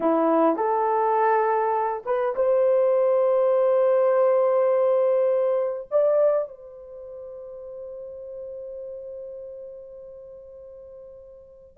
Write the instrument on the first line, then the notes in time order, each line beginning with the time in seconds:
horn
0.00 E4
0.56 A4
2.05 B4
2.35 C5
5.90 D5
6.48 C5